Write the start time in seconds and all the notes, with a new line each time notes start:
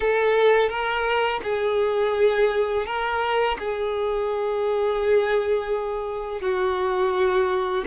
0.00 A4
0.69 A#4
1.43 G#4
2.85 A#4
3.58 G#4
6.41 F#4